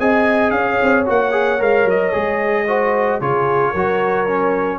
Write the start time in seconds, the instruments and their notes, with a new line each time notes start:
0.00 tuba C4, trombone G#4, horn D#5, trumpet G#5
0.51 tuba C#4, horn C#5, trumpet F5
0.82 tuba C4
1.06 tuba A#3, trombone F#4, trumpet F#5
1.31 trombone G#4
1.59 tuba G#3, trombone A#4, trumpet F5
1.85 tuba F#3, trumpet D#5
2.12 tuba G#3, trombone G#4
2.68 trombone F#4, horn C5
3.20 tuba C#3, trombone F4, horn G#4, trumpet C#5
3.71 tuba F#3, trombone F#4, horn A#4
4.28 trombone C#4